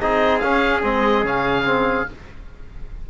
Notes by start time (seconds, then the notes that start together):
0.00 C4 D#4 G#4 D#5
0.40 C#4 F5
0.83 G#3 C4 D#5
1.24 C#3 C#4 F5
1.65 C4